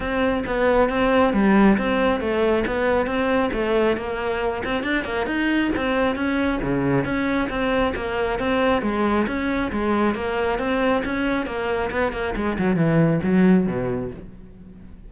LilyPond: \new Staff \with { instrumentName = "cello" } { \time 4/4 \tempo 4 = 136 c'4 b4 c'4 g4 | c'4 a4 b4 c'4 | a4 ais4. c'8 d'8 ais8 | dis'4 c'4 cis'4 cis4 |
cis'4 c'4 ais4 c'4 | gis4 cis'4 gis4 ais4 | c'4 cis'4 ais4 b8 ais8 | gis8 fis8 e4 fis4 b,4 | }